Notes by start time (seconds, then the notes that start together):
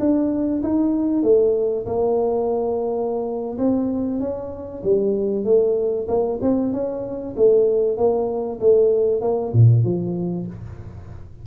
0.00 D4
0.63 D#4
1.24 A3
1.86 A#3
3.58 C4
4.20 C#4
4.84 G3
5.45 A3
6.08 A#3
6.42 C4
6.73 C#4
7.37 A3
7.97 A#3
8.61 A3
9.22 A#3
9.53 A#2
9.84 F3